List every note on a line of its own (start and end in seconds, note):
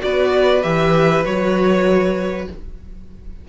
0.00 0.64 B3
0.00 0.61 F#4
0.00 2.48 B4
0.00 0.62 D5
0.62 1.25 E3
0.62 1.24 G4
0.62 1.23 E5
1.24 2.47 F#3
1.24 2.47 F#4
1.24 2.47 C#5